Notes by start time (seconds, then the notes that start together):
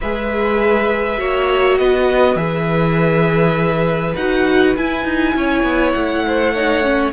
0.01 G#3 G#4 B4 E5
1.17 A#3 F#4 C#5
1.78 B3 B4 D#5
2.35 E3 G#4 E5
4.16 D#4 F#4 F#5
4.76 E4 G#5
5.04 D#4
5.35 C#4 C#5
5.63 B3
5.92 A3 F#5
6.26 C5
6.54 D#4 C#5
6.83 C#4